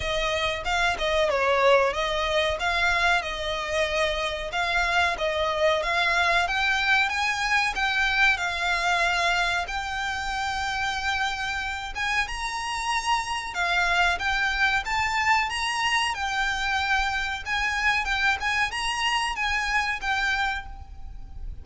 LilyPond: \new Staff \with { instrumentName = "violin" } { \time 4/4 \tempo 4 = 93 dis''4 f''8 dis''8 cis''4 dis''4 | f''4 dis''2 f''4 | dis''4 f''4 g''4 gis''4 | g''4 f''2 g''4~ |
g''2~ g''8 gis''8 ais''4~ | ais''4 f''4 g''4 a''4 | ais''4 g''2 gis''4 | g''8 gis''8 ais''4 gis''4 g''4 | }